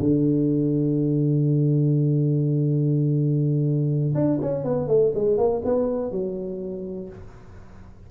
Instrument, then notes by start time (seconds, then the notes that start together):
tuba
0.00 D3
4.15 D4
4.42 C#4
4.65 B3
4.88 A3
5.15 G#3
5.38 A#3
5.65 B3
6.12 F#3